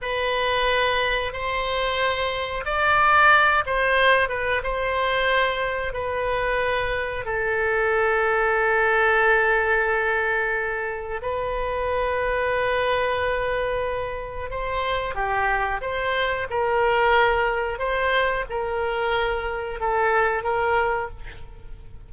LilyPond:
\new Staff \with { instrumentName = "oboe" } { \time 4/4 \tempo 4 = 91 b'2 c''2 | d''4. c''4 b'8 c''4~ | c''4 b'2 a'4~ | a'1~ |
a'4 b'2.~ | b'2 c''4 g'4 | c''4 ais'2 c''4 | ais'2 a'4 ais'4 | }